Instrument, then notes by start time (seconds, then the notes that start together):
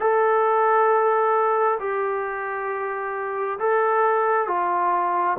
trombone
0.00 A4
1.80 G4
3.59 A4
4.47 F4